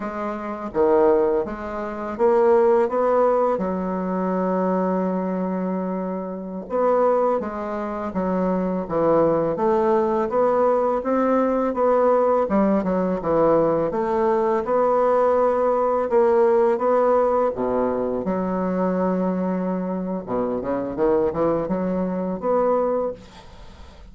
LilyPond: \new Staff \with { instrumentName = "bassoon" } { \time 4/4 \tempo 4 = 83 gis4 dis4 gis4 ais4 | b4 fis2.~ | fis4~ fis16 b4 gis4 fis8.~ | fis16 e4 a4 b4 c'8.~ |
c'16 b4 g8 fis8 e4 a8.~ | a16 b2 ais4 b8.~ | b16 b,4 fis2~ fis8. | b,8 cis8 dis8 e8 fis4 b4 | }